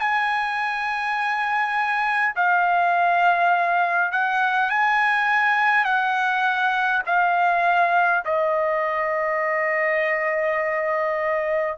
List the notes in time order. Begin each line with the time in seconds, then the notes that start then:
0.00 G#5
2.36 F5
4.12 F#5
4.71 G#5
5.85 F#5
7.06 F5
8.25 D#5